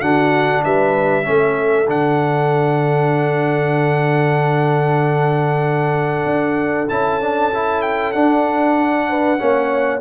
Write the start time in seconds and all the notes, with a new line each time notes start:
0.00 D3 D4 F#4 F#5
0.64 G3 B4 E5
1.23 A3 C#4 A4
1.88 D3 D4 F#5
6.25 D4
6.89 C#4 E4 A5
7.21 D4
7.54 E4
7.82 G5
8.12 D4 F#5
9.08 B4
9.38 A#3 C#4 C#5